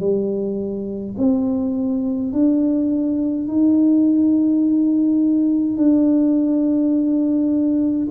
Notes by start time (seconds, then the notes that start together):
0.00 G3
1.18 C4
2.33 D4
3.48 D#4
5.77 D4